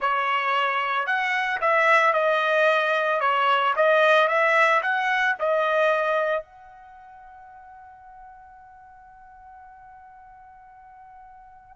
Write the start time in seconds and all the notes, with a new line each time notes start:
0.00 C#5
1.06 F#5
1.60 E5
2.13 D#5
3.20 C#5
3.76 D#5
4.27 E5
4.82 F#5
5.39 D#5
6.42 F#5